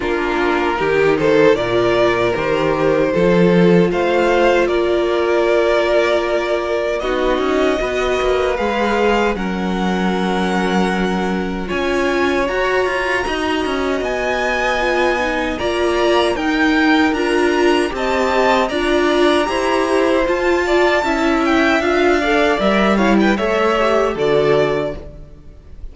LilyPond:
<<
  \new Staff \with { instrumentName = "violin" } { \time 4/4 \tempo 4 = 77 ais'4. c''8 d''4 c''4~ | c''4 f''4 d''2~ | d''4 dis''2 f''4 | fis''2. gis''4 |
ais''2 gis''2 | ais''4 g''4 ais''4 a''4 | ais''2 a''4. g''8 | f''4 e''8 f''16 g''16 e''4 d''4 | }
  \new Staff \with { instrumentName = "violin" } { \time 4/4 f'4 g'8 a'8 ais'2 | a'4 c''4 ais'2~ | ais'4 fis'4 b'2 | ais'2. cis''4~ |
cis''4 dis''2. | d''4 ais'2 dis''4 | d''4 c''4. d''8 e''4~ | e''8 d''4 cis''16 b'16 cis''4 a'4 | }
  \new Staff \with { instrumentName = "viola" } { \time 4/4 d'4 dis'4 f'4 g'4 | f'1~ | f'4 dis'4 fis'4 gis'4 | cis'2. f'4 |
fis'2. f'8 dis'8 | f'4 dis'4 f'4 g'4 | f'4 g'4 f'4 e'4 | f'8 a'8 ais'8 e'8 a'8 g'8 fis'4 | }
  \new Staff \with { instrumentName = "cello" } { \time 4/4 ais4 dis4 ais,4 dis4 | f4 a4 ais2~ | ais4 b8 cis'8 b8 ais8 gis4 | fis2. cis'4 |
fis'8 f'8 dis'8 cis'8 b2 | ais4 dis'4 d'4 c'4 | d'4 e'4 f'4 cis'4 | d'4 g4 a4 d4 | }
>>